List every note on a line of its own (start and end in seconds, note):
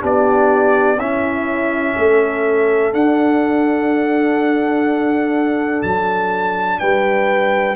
0.00 0.97 B3
0.00 0.97 D4
0.00 0.98 G4
0.00 0.99 D5
0.97 1.94 C#4
0.97 2.93 C#4
0.97 1.96 E4
0.97 2.93 E5
1.97 2.93 A3
1.97 6.80 A4
2.93 5.83 D4
2.93 7.76 D4
2.93 5.82 F#5
5.82 6.80 F#3
5.82 6.79 A5
6.79 7.76 G3
6.79 7.76 B4
6.79 7.76 G5